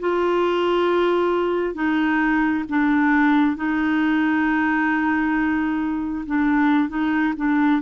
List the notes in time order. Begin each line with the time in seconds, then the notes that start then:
0.00 F4
1.75 D#4
2.69 D4
3.57 D#4
6.26 D4
6.89 D#4
7.37 D4